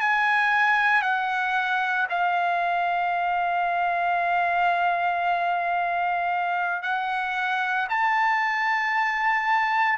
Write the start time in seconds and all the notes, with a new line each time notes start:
0.00 G#5
1.02 F#5
2.10 F5
6.83 F#5
7.89 A5